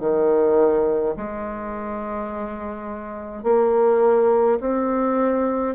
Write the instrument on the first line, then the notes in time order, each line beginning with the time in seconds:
bassoon
0.00 D#3
1.17 G#3
3.44 A#3
4.60 C4